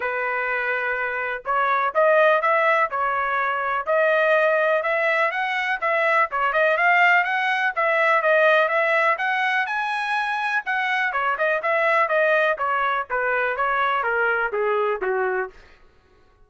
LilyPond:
\new Staff \with { instrumentName = "trumpet" } { \time 4/4 \tempo 4 = 124 b'2. cis''4 | dis''4 e''4 cis''2 | dis''2 e''4 fis''4 | e''4 cis''8 dis''8 f''4 fis''4 |
e''4 dis''4 e''4 fis''4 | gis''2 fis''4 cis''8 dis''8 | e''4 dis''4 cis''4 b'4 | cis''4 ais'4 gis'4 fis'4 | }